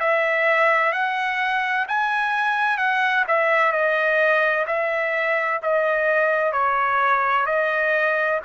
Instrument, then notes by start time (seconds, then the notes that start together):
trumpet
0.00 E5
0.92 F#5
1.88 G#5
2.77 F#5
3.27 E5
3.72 D#5
4.67 E5
5.62 D#5
6.52 C#5
7.46 D#5